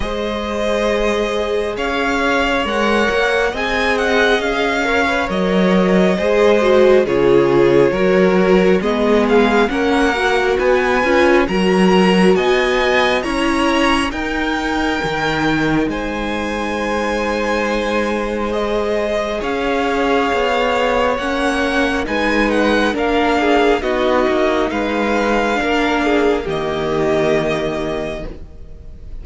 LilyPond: <<
  \new Staff \with { instrumentName = "violin" } { \time 4/4 \tempo 4 = 68 dis''2 f''4 fis''4 | gis''8 fis''8 f''4 dis''2 | cis''2 dis''8 f''8 fis''4 | gis''4 ais''4 gis''4 ais''4 |
g''2 gis''2~ | gis''4 dis''4 f''2 | fis''4 gis''8 fis''8 f''4 dis''4 | f''2 dis''2 | }
  \new Staff \with { instrumentName = "violin" } { \time 4/4 c''2 cis''2 | dis''4. cis''4. c''4 | gis'4 ais'4 gis'4 ais'4 | b'4 ais'4 dis''4 cis''4 |
ais'2 c''2~ | c''2 cis''2~ | cis''4 b'4 ais'8 gis'8 fis'4 | b'4 ais'8 gis'8 g'2 | }
  \new Staff \with { instrumentName = "viola" } { \time 4/4 gis'2. ais'4 | gis'4. ais'16 b'16 ais'4 gis'8 fis'8 | f'4 fis'4 b4 cis'8 fis'8~ | fis'8 f'8 fis'2 e'4 |
dis'1~ | dis'4 gis'2. | cis'4 dis'4 d'4 dis'4~ | dis'4 d'4 ais2 | }
  \new Staff \with { instrumentName = "cello" } { \time 4/4 gis2 cis'4 gis8 ais8 | c'4 cis'4 fis4 gis4 | cis4 fis4 gis4 ais4 | b8 cis'8 fis4 b4 cis'4 |
dis'4 dis4 gis2~ | gis2 cis'4 b4 | ais4 gis4 ais4 b8 ais8 | gis4 ais4 dis2 | }
>>